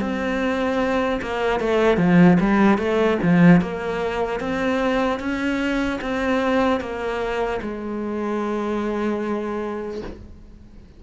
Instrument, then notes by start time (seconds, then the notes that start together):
cello
0.00 C4
1.21 A#3
1.60 A3
1.97 F3
2.40 G3
2.78 A3
3.23 F3
3.61 A#3
4.40 C4
5.19 C#4
6.01 C4
6.80 A#3
7.61 G#3